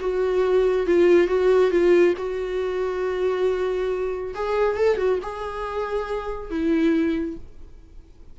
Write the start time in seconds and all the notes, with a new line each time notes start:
0.00 F#4
0.86 F4
1.27 F#4
1.71 F4
2.17 F#4
4.35 G#4
4.76 A4
4.97 F#4
5.23 G#4
6.50 E4